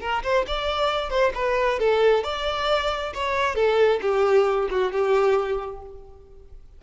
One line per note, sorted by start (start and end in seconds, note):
0.00 0.22 A#4
0.23 0.45 C5
0.47 1.09 D5
1.09 1.32 C5
1.34 1.79 B4
1.79 2.23 A4
2.23 3.13 D5
3.14 3.55 C#5
3.55 4.00 A4
4.01 4.68 G4
4.70 4.92 F#4
4.92 5.81 G4